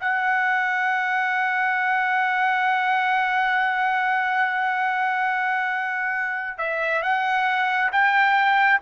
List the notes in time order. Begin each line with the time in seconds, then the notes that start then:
0.00 F#5
6.58 E5
7.02 F#5
7.92 G5